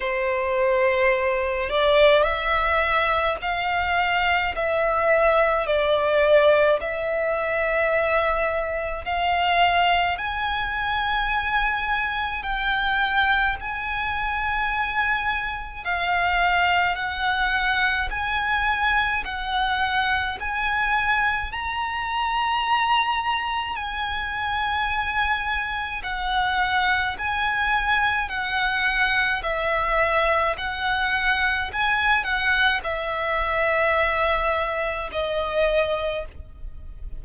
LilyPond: \new Staff \with { instrumentName = "violin" } { \time 4/4 \tempo 4 = 53 c''4. d''8 e''4 f''4 | e''4 d''4 e''2 | f''4 gis''2 g''4 | gis''2 f''4 fis''4 |
gis''4 fis''4 gis''4 ais''4~ | ais''4 gis''2 fis''4 | gis''4 fis''4 e''4 fis''4 | gis''8 fis''8 e''2 dis''4 | }